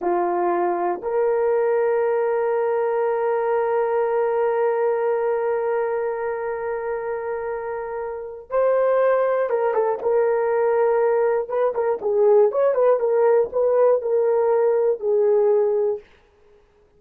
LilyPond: \new Staff \with { instrumentName = "horn" } { \time 4/4 \tempo 4 = 120 f'2 ais'2~ | ais'1~ | ais'1~ | ais'1~ |
ais'4 c''2 ais'8 a'8 | ais'2. b'8 ais'8 | gis'4 cis''8 b'8 ais'4 b'4 | ais'2 gis'2 | }